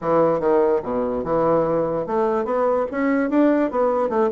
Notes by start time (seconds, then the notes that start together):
0.01 E3
0.40 D#3
0.83 B2
1.24 E3
2.06 A3
2.45 B3
2.91 C#4
3.30 D4
3.70 B3
4.09 A3